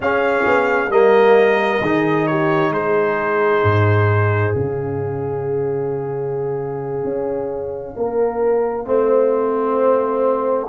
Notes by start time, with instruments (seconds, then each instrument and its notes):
0.00 tuba C#4, trombone C#4, horn G#4, trumpet F5
0.45 tuba B3
0.89 tuba G3, trombone A#3, horn A#4, trumpet D#5
1.81 tuba D#3, trombone D#4, horn G#4
2.26 horn G4, trumpet C#5
2.70 tuba G#3, horn G#4, trumpet C5
3.63 tuba G#2
4.53 tuba C#3, trombone C#4, trumpet F5
7.03 tuba C#4
7.96 tuba A#3, horn A#4
8.85 tuba A3, trombone C4, horn C5